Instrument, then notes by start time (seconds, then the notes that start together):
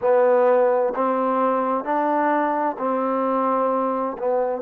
trombone
0.01 B3
0.94 C4
1.84 D4
2.78 C4
4.18 B3